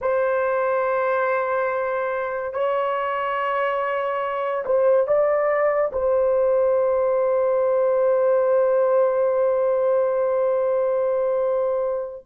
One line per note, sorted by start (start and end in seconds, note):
0.01 2.53 C5
2.53 4.64 C#5
4.65 5.07 C5
5.07 5.92 D5
5.92 12.25 C5